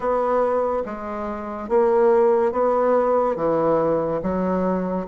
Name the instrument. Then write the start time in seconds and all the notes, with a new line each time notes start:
bassoon
0.00 B3
0.85 G#3
1.69 A#3
2.51 B3
3.36 E3
4.22 F#3